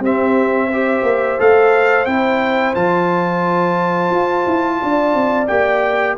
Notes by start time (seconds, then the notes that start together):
0.00 C4 G4 E5
0.67 G4 C5
1.03 A#3
1.39 A3 A4 F5
2.06 C4 E4 G5
2.75 F3 F4 A5
4.11 F4
4.47 E4
4.82 D4 D5
5.15 C4
5.48 A#3 G4 G5